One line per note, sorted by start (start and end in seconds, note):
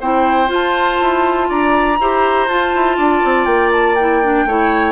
0.00 0.49 C4
0.00 0.47 E4
0.00 1.48 C5
0.00 0.50 G5
0.47 1.96 F4
0.47 0.99 F4
0.53 1.51 A5
1.01 1.50 E4
1.48 1.99 D4
1.48 1.98 D5
1.48 2.48 A#5
2.00 2.47 E4
2.00 2.48 G4
2.00 2.97 C5
2.47 2.72 F4
2.47 3.97 F4
2.47 3.45 A5
2.75 2.97 E4
2.97 3.22 D4
2.97 4.45 D5
3.24 3.46 C4
3.45 4.45 A#3
3.45 3.70 G5
3.72 3.95 A5
3.95 4.23 E4
3.95 4.92 G5
4.23 4.48 D4
4.45 4.92 A3
4.45 4.92 E4
4.45 4.92 C#5